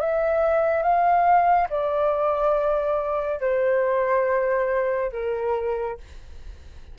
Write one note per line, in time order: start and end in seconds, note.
0.00 0.83 E5
0.83 1.68 F5
1.69 3.41 D5
3.41 5.12 C5
5.12 5.98 A#4